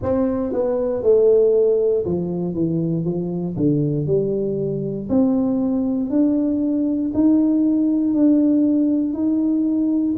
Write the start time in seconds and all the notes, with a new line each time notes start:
0.02 C4
0.53 B3
1.03 A3
2.05 F3
2.54 E3
3.05 F3
3.56 D3
4.06 G3
5.09 C4
6.10 D4
7.14 D#4
8.14 D4
9.13 D#4